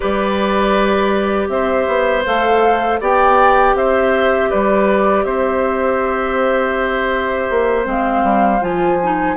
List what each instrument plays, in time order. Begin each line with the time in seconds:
0.00 bassoon G3, clarinet G4, oboe B4, flute D5
1.48 bassoon C4, oboe C5, flute E5
1.87 bassoon B3
2.25 bassoon A3, clarinet A4, flute F5
3.00 bassoon B3, clarinet G4, oboe D5, flute G5
3.74 bassoon C4, oboe C5, flute E5
4.50 bassoon G3, oboe B4, flute D5
5.24 bassoon C4, oboe C5, flute E5
7.50 bassoon A#3
7.84 bassoon G#3, clarinet C4, flute F5
8.23 bassoon G3
8.60 bassoon F3, clarinet F4, flute G#5
9.03 clarinet D#4